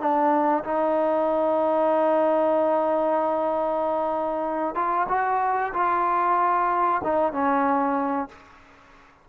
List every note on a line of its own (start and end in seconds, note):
0.00 0.64 D4
0.64 4.76 D#4
4.76 5.07 F4
5.09 5.73 F#4
5.74 7.02 F4
7.04 7.33 D#4
7.33 8.29 C#4